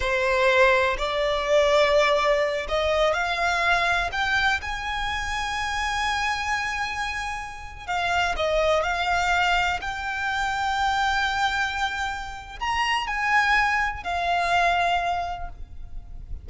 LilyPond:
\new Staff \with { instrumentName = "violin" } { \time 4/4 \tempo 4 = 124 c''2 d''2~ | d''4. dis''4 f''4.~ | f''8 g''4 gis''2~ gis''8~ | gis''1~ |
gis''16 f''4 dis''4 f''4.~ f''16~ | f''16 g''2.~ g''8.~ | g''2 ais''4 gis''4~ | gis''4 f''2. | }